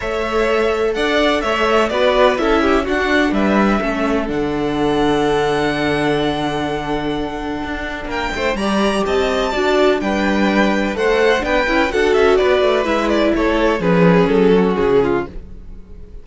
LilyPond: <<
  \new Staff \with { instrumentName = "violin" } { \time 4/4 \tempo 4 = 126 e''2 fis''4 e''4 | d''4 e''4 fis''4 e''4~ | e''4 fis''2.~ | fis''1~ |
fis''4 g''4 ais''4 a''4~ | a''4 g''2 fis''4 | g''4 fis''8 e''8 d''4 e''8 d''8 | cis''4 b'4 a'4 gis'4 | }
  \new Staff \with { instrumentName = "violin" } { \time 4/4 cis''2 d''4 cis''4 | b'4 a'8 g'8 fis'4 b'4 | a'1~ | a'1~ |
a'4 ais'8 c''8 d''4 dis''4 | d''4 b'2 c''4 | b'4 a'4 b'2 | a'4 gis'4. fis'4 f'8 | }
  \new Staff \with { instrumentName = "viola" } { \time 4/4 a'1 | fis'4 e'4 d'2 | cis'4 d'2.~ | d'1~ |
d'2 g'2 | fis'4 d'2 a'4 | d'8 e'8 fis'2 e'4~ | e'4 cis'2. | }
  \new Staff \with { instrumentName = "cello" } { \time 4/4 a2 d'4 a4 | b4 cis'4 d'4 g4 | a4 d2.~ | d1 |
d'4 ais8 a8 g4 c'4 | d'4 g2 a4 | b8 cis'8 d'8 cis'8 b8 a8 gis4 | a4 f4 fis4 cis4 | }
>>